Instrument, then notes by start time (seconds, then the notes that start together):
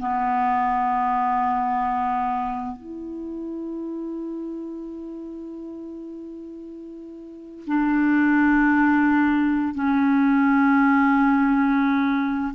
clarinet
0.00 B3
2.77 E4
7.67 D4
9.75 C#4